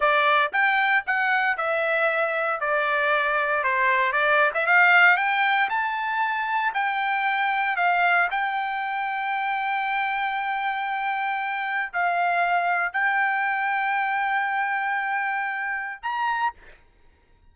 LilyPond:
\new Staff \with { instrumentName = "trumpet" } { \time 4/4 \tempo 4 = 116 d''4 g''4 fis''4 e''4~ | e''4 d''2 c''4 | d''8. e''16 f''4 g''4 a''4~ | a''4 g''2 f''4 |
g''1~ | g''2. f''4~ | f''4 g''2.~ | g''2. ais''4 | }